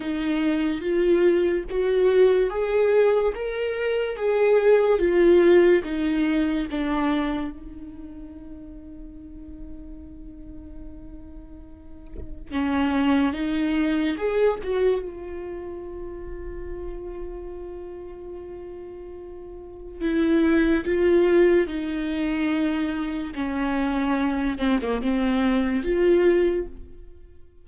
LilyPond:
\new Staff \with { instrumentName = "viola" } { \time 4/4 \tempo 4 = 72 dis'4 f'4 fis'4 gis'4 | ais'4 gis'4 f'4 dis'4 | d'4 dis'2.~ | dis'2. cis'4 |
dis'4 gis'8 fis'8 f'2~ | f'1 | e'4 f'4 dis'2 | cis'4. c'16 ais16 c'4 f'4 | }